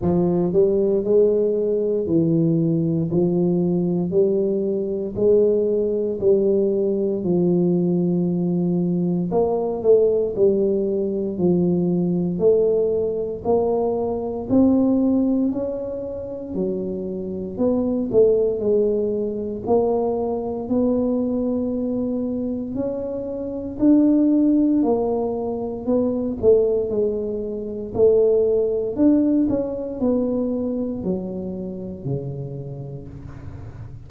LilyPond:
\new Staff \with { instrumentName = "tuba" } { \time 4/4 \tempo 4 = 58 f8 g8 gis4 e4 f4 | g4 gis4 g4 f4~ | f4 ais8 a8 g4 f4 | a4 ais4 c'4 cis'4 |
fis4 b8 a8 gis4 ais4 | b2 cis'4 d'4 | ais4 b8 a8 gis4 a4 | d'8 cis'8 b4 fis4 cis4 | }